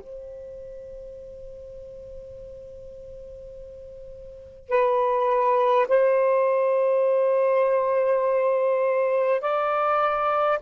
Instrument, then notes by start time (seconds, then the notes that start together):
saxophone
0.00 C5
4.69 B4
5.88 C5
9.41 D5